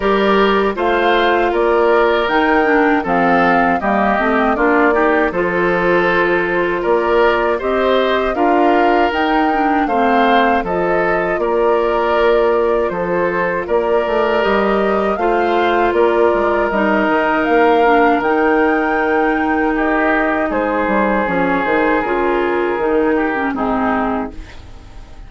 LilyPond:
<<
  \new Staff \with { instrumentName = "flute" } { \time 4/4 \tempo 4 = 79 d''4 f''4 d''4 g''4 | f''4 dis''4 d''4 c''4~ | c''4 d''4 dis''4 f''4 | g''4 f''4 dis''4 d''4~ |
d''4 c''4 d''4 dis''4 | f''4 d''4 dis''4 f''4 | g''2 dis''4 c''4 | cis''8 c''8 ais'2 gis'4 | }
  \new Staff \with { instrumentName = "oboe" } { \time 4/4 ais'4 c''4 ais'2 | a'4 g'4 f'8 g'8 a'4~ | a'4 ais'4 c''4 ais'4~ | ais'4 c''4 a'4 ais'4~ |
ais'4 a'4 ais'2 | c''4 ais'2.~ | ais'2 g'4 gis'4~ | gis'2~ gis'8 g'8 dis'4 | }
  \new Staff \with { instrumentName = "clarinet" } { \time 4/4 g'4 f'2 dis'8 d'8 | c'4 ais8 c'8 d'8 dis'8 f'4~ | f'2 g'4 f'4 | dis'8 d'8 c'4 f'2~ |
f'2. g'4 | f'2 dis'4. d'8 | dis'1 | cis'8 dis'8 f'4 dis'8. cis'16 c'4 | }
  \new Staff \with { instrumentName = "bassoon" } { \time 4/4 g4 a4 ais4 dis4 | f4 g8 a8 ais4 f4~ | f4 ais4 c'4 d'4 | dis'4 a4 f4 ais4~ |
ais4 f4 ais8 a8 g4 | a4 ais8 gis8 g8 dis8 ais4 | dis2. gis8 g8 | f8 dis8 cis4 dis4 gis,4 | }
>>